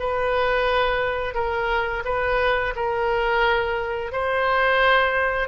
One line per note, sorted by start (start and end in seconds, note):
0.00 1.35 B4
1.35 2.04 A#4
2.05 2.74 B4
2.76 4.13 A#4
4.13 5.49 C5